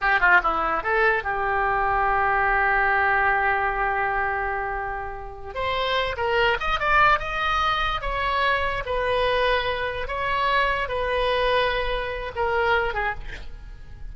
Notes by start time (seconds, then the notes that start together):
0.01 G4
0.20 F4
0.43 E4
0.83 A4
1.23 G4
5.54 C5
6.16 A#4
6.60 D#5
6.79 D5
7.19 D#5
8.01 C#5
8.85 B4
10.07 C#5
10.88 B4
12.35 A#4
12.94 G#4